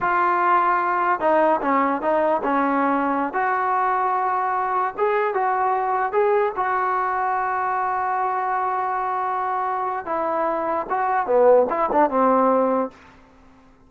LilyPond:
\new Staff \with { instrumentName = "trombone" } { \time 4/4 \tempo 4 = 149 f'2. dis'4 | cis'4 dis'4 cis'2~ | cis'16 fis'2.~ fis'8.~ | fis'16 gis'4 fis'2 gis'8.~ |
gis'16 fis'2.~ fis'8.~ | fis'1~ | fis'4 e'2 fis'4 | b4 e'8 d'8 c'2 | }